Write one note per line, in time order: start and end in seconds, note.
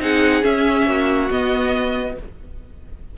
0.00 0.43 C4
0.00 0.43 D#4
0.00 0.88 G#4
0.00 0.44 F#5
0.43 1.29 C#4
0.43 0.87 C#4
0.43 1.30 E5
0.87 1.30 A#3
0.87 2.18 F#4
1.31 2.18 B3
1.31 2.18 D#5